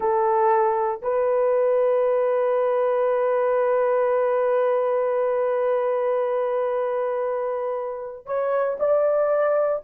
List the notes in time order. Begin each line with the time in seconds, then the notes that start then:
0.00 A4
1.02 B4
8.26 C#5
8.79 D5